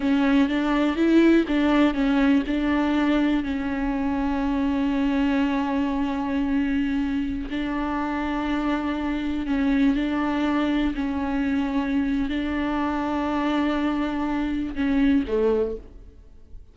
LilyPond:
\new Staff \with { instrumentName = "viola" } { \time 4/4 \tempo 4 = 122 cis'4 d'4 e'4 d'4 | cis'4 d'2 cis'4~ | cis'1~ | cis'2.~ cis'16 d'8.~ |
d'2.~ d'16 cis'8.~ | cis'16 d'2 cis'4.~ cis'16~ | cis'4 d'2.~ | d'2 cis'4 a4 | }